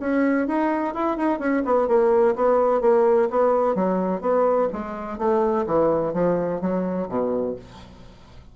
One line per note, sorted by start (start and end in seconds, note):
0.00 0.47 C#4
0.47 0.94 D#4
0.94 1.17 E4
1.17 1.39 D#4
1.39 1.63 C#4
1.65 1.88 B3
1.88 2.35 A#3
2.35 2.81 B3
2.81 3.29 A#3
3.30 3.75 B3
3.75 4.21 F#3
4.21 4.68 B3
4.73 5.18 G#3
5.18 5.65 A3
5.66 6.14 E3
6.14 6.61 F3
6.61 7.08 F#3
7.09 7.56 B2